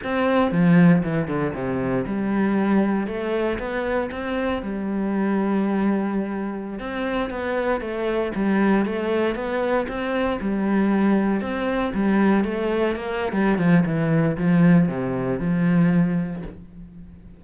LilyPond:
\new Staff \with { instrumentName = "cello" } { \time 4/4 \tempo 4 = 117 c'4 f4 e8 d8 c4 | g2 a4 b4 | c'4 g2.~ | g4~ g16 c'4 b4 a8.~ |
a16 g4 a4 b4 c'8.~ | c'16 g2 c'4 g8.~ | g16 a4 ais8. g8 f8 e4 | f4 c4 f2 | }